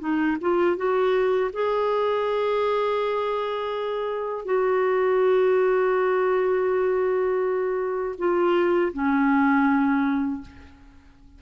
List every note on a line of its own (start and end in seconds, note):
0.00 0.37 D#4
0.41 0.77 F4
0.77 1.51 F#4
1.53 4.45 G#4
4.45 8.16 F#4
8.19 8.93 F4
8.94 10.42 C#4